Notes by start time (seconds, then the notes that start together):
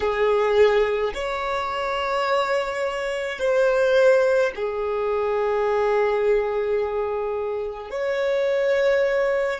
0.00 G#4
1.13 C#5
3.39 C5
4.55 G#4
7.90 C#5